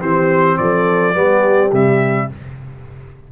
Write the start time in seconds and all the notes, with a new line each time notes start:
0.00 E3 C4 G4 C5
0.57 F3 A4 D5
1.13 G3 B3 G4
1.72 C3 G3 E5